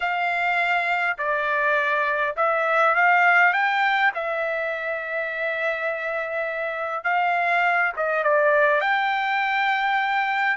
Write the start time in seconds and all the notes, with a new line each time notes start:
0.00 F5
1.17 D5
2.36 E5
2.95 F5
3.53 G5
4.14 E5
7.04 F5
7.96 D#5
8.23 D5
8.80 G5